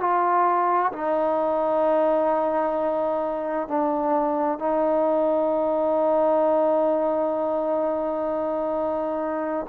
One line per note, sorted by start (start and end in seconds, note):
0.00 0.92 F4
0.93 3.68 D#4
3.68 4.59 D4
4.59 9.67 D#4